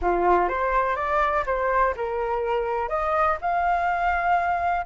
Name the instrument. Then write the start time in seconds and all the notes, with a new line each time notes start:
flute
0.01 F4
0.48 C5
0.96 D5
1.46 C5
1.96 A#4
2.89 D#5
3.41 F5